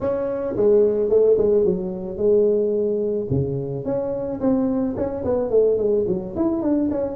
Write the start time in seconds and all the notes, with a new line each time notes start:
0.00 C#4
0.56 G#3
1.09 A3
1.37 G#3
1.64 F#3
2.17 G#3
3.30 C#3
3.84 C#4
4.40 C4
4.96 C#4
5.24 B3
5.49 A3
5.77 G#3
6.07 F#3
6.36 E4
6.62 D4
6.91 C#4